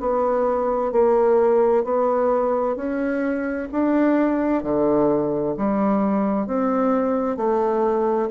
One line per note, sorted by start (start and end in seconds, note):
0.00 0.92 B3
0.92 1.84 A#3
1.84 2.76 B3
2.76 3.68 C#4
3.72 4.63 D4
4.63 5.56 D3
5.57 6.47 G3
6.47 7.37 C4
7.37 8.29 A3